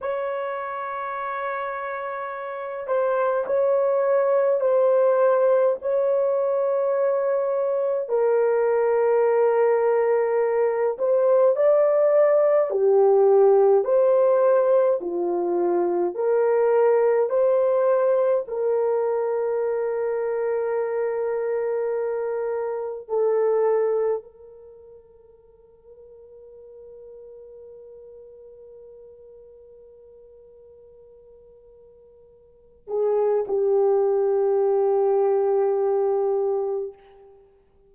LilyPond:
\new Staff \with { instrumentName = "horn" } { \time 4/4 \tempo 4 = 52 cis''2~ cis''8 c''8 cis''4 | c''4 cis''2 ais'4~ | ais'4. c''8 d''4 g'4 | c''4 f'4 ais'4 c''4 |
ais'1 | a'4 ais'2.~ | ais'1~ | ais'8 gis'8 g'2. | }